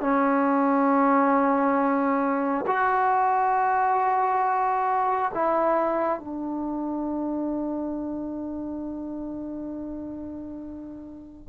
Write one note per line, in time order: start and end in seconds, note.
0.00 2.65 C#4
2.67 5.31 F#4
5.34 6.19 E4
6.19 11.48 D4